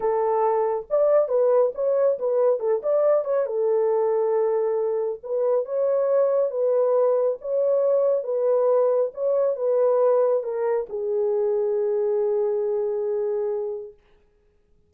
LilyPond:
\new Staff \with { instrumentName = "horn" } { \time 4/4 \tempo 4 = 138 a'2 d''4 b'4 | cis''4 b'4 a'8 d''4 cis''8 | a'1 | b'4 cis''2 b'4~ |
b'4 cis''2 b'4~ | b'4 cis''4 b'2 | ais'4 gis'2.~ | gis'1 | }